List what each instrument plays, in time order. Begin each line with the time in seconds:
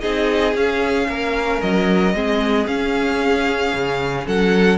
0.00 cello C4, viola D#4, violin G#4 D#5
0.54 cello C#4, viola C#4, violin F5
1.08 cello A#3, violin A#4
1.61 cello F#3, violin D#5
2.13 cello G#3, viola C4, violin G#4
2.67 cello C#4, viola C#4, violin F5
3.73 cello C#3
4.27 cello F#3, violin A4 F#5